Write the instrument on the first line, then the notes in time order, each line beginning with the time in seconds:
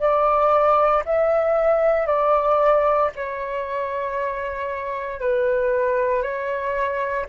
flute
0.00 D5
1.05 E5
2.07 D5
3.16 C#5
5.20 B4
6.23 C#5